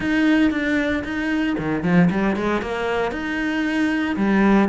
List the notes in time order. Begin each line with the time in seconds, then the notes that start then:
0.00 D#4
0.51 D4
1.04 D#4
1.58 D#3
1.83 F3
2.10 G3
2.35 G#3
2.61 A#3
3.11 D#4
4.16 G3